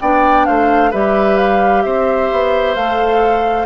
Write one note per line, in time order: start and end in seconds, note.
0.00 0.47 B3
0.00 0.92 D4
0.00 0.47 D5
0.00 0.45 G5
0.45 0.93 A3
0.45 0.90 C5
0.45 0.91 F5
0.90 1.84 G3
0.90 2.77 G4
0.90 1.82 B4
0.90 1.36 E5
1.36 1.82 F5
1.82 2.31 C4
1.82 3.65 C5
1.82 2.74 E5
2.32 2.75 B3
2.74 3.65 A3
2.74 3.65 A4
2.74 3.65 F5